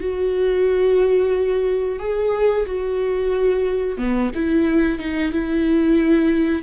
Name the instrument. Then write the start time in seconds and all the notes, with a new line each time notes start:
viola
0.00 F#4
1.99 G#4
2.66 F#4
3.98 B3
4.35 E4
4.99 D#4
5.32 E4